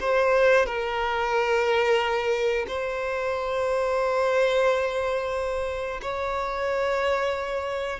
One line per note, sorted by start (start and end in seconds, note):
0.00 0.65 C5
0.65 2.65 A#4
2.67 6.00 C5
6.01 7.99 C#5